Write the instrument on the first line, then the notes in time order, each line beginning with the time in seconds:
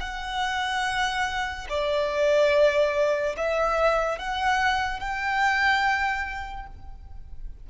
violin
0.00 F#5
1.69 D5
3.36 E5
4.18 F#5
5.00 G5